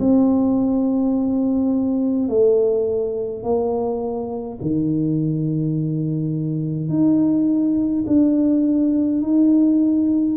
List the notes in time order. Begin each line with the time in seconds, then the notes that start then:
0.00 C4
2.29 A3
3.44 A#3
4.62 D#3
6.90 D#4
8.07 D4
9.23 D#4